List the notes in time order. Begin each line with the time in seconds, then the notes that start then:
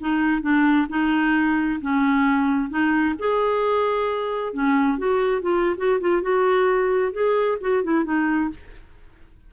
0.00 D#4
0.42 D4
0.89 D#4
1.81 C#4
2.69 D#4
3.19 G#4
4.53 C#4
4.98 F#4
5.42 F4
5.77 F#4
6.01 F4
6.22 F#4
7.12 G#4
7.61 F#4
7.84 E4
8.05 D#4